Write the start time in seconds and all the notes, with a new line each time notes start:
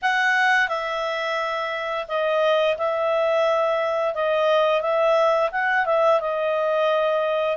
0.02 F#5
0.68 E5
2.08 D#5
2.77 E5
4.14 D#5
4.81 E5
5.51 F#5
5.85 E5
6.20 D#5